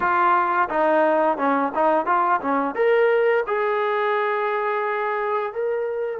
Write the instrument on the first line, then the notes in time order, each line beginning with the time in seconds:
trombone
0.00 F4
0.69 D#4
1.37 C#4
1.74 D#4
2.06 F4
2.41 C#4
2.75 A#4
3.47 G#4
5.53 A#4